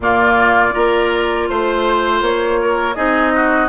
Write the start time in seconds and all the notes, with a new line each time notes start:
0.00 A#2 A#3 F4 D5
0.71 A#3 F4 A#4
1.48 A3 C5
2.21 A#3 C#5
2.61 A#4
2.95 C4 D#4 G#4 D#5
3.34 F#4